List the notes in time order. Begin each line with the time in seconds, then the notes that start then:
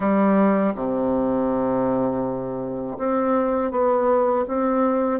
0.00 G3
0.75 C3
2.98 C4
3.71 B3
4.47 C4